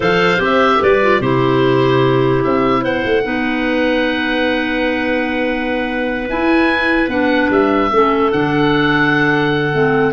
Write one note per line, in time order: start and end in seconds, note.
0.00 0.37 F3
0.00 0.38 A4
0.00 0.80 C5
0.00 0.42 F5
0.38 0.80 C4
0.38 0.98 G4
0.44 0.83 E5
0.80 1.19 G3
0.80 1.20 B4
0.80 1.21 D5
1.02 1.22 F4
1.19 2.41 C3
1.19 3.23 E4
1.19 2.81 G4
1.19 2.43 C5
2.43 2.84 C4
2.43 2.84 E5
2.81 3.04 B3
2.81 3.22 C5
2.81 6.28 F#5
3.04 3.25 A3
3.23 6.28 B3
3.23 6.27 D#4
3.23 7.91 B4
6.28 7.07 E4
6.28 7.09 E4
6.28 7.10 G#5
7.07 7.48 B3
7.07 7.90 D4
7.07 7.50 F#5
7.50 7.90 G3
7.50 8.32 E5
7.92 8.32 A3
7.92 8.32 C#4
7.92 10.12 A4
8.32 9.73 D3
8.32 9.73 D4
8.32 10.12 F#5
9.73 10.12 A3
9.73 10.12 C4